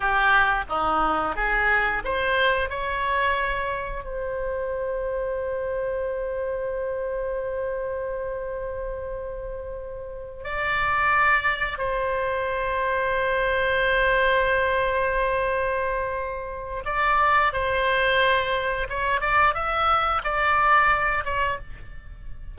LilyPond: \new Staff \with { instrumentName = "oboe" } { \time 4/4 \tempo 4 = 89 g'4 dis'4 gis'4 c''4 | cis''2 c''2~ | c''1~ | c''2.~ c''8 d''8~ |
d''4. c''2~ c''8~ | c''1~ | c''4 d''4 c''2 | cis''8 d''8 e''4 d''4. cis''8 | }